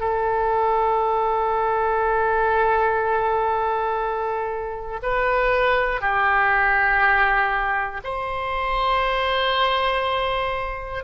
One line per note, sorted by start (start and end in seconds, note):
0.00 5.00 A4
5.02 6.00 B4
6.00 8.00 G4
8.04 11.04 C5